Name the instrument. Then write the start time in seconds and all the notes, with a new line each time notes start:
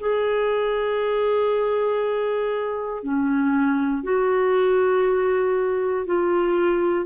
clarinet
0.00 G#4
3.03 C#4
4.03 F#4
6.06 F4